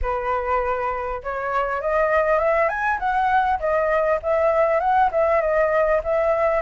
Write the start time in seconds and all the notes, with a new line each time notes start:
0.02 B4
1.23 C#5
1.81 D#5
2.38 E5
2.68 G#5
2.99 F#5
3.59 D#5
4.22 E5
4.80 F#5
5.11 E5
5.41 D#5
6.03 E5